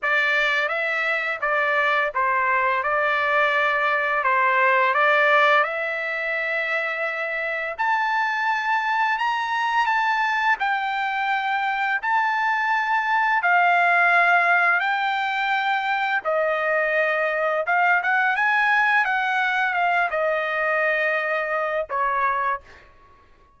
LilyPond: \new Staff \with { instrumentName = "trumpet" } { \time 4/4 \tempo 4 = 85 d''4 e''4 d''4 c''4 | d''2 c''4 d''4 | e''2. a''4~ | a''4 ais''4 a''4 g''4~ |
g''4 a''2 f''4~ | f''4 g''2 dis''4~ | dis''4 f''8 fis''8 gis''4 fis''4 | f''8 dis''2~ dis''8 cis''4 | }